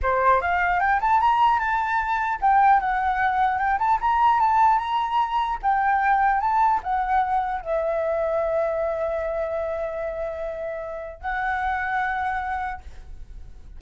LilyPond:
\new Staff \with { instrumentName = "flute" } { \time 4/4 \tempo 4 = 150 c''4 f''4 g''8 a''8 ais''4 | a''2 g''4 fis''4~ | fis''4 g''8 a''8 ais''4 a''4 | ais''2 g''2 |
a''4 fis''2 e''4~ | e''1~ | e''1 | fis''1 | }